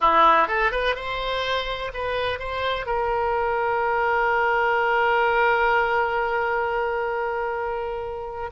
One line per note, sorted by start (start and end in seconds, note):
0.00 0.47 E4
0.47 0.71 A4
0.71 0.95 B4
0.95 1.91 C5
1.93 2.39 B4
2.39 2.86 C5
2.86 8.50 A#4